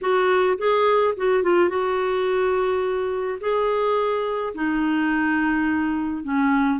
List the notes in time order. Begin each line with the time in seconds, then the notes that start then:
0.01 F#4
0.57 G#4
1.17 F#4
1.43 F4
1.69 F#4
3.40 G#4
4.54 D#4
6.23 C#4